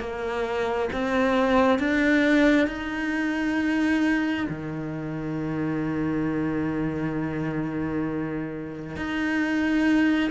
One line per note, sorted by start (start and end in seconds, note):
0.00 0.90 A#3
0.93 1.79 C4
1.79 2.67 D4
2.67 4.47 D#4
4.49 8.97 D#3
8.97 10.31 D#4